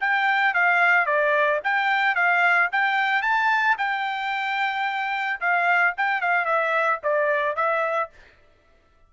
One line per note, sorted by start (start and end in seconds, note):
0.00 0.54 G5
0.54 1.06 F5
1.06 1.60 D5
1.64 2.15 G5
2.15 2.69 F5
2.72 3.22 G5
3.22 3.76 A5
3.78 5.40 G5
5.40 5.94 F5
5.97 6.21 G5
6.21 6.45 F5
6.45 6.99 E5
7.03 7.56 D5
7.56 8.10 E5